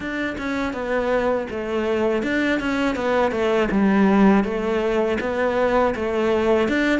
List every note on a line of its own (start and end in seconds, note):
0.00 0.36 D4
0.37 0.73 C#4
0.73 1.47 B3
1.50 2.22 A3
2.22 2.59 D4
2.60 2.95 C#4
2.95 3.31 B3
3.31 3.68 A3
3.71 4.44 G3
4.44 5.18 A3
5.20 5.94 B3
5.95 6.68 A3
6.68 6.99 D4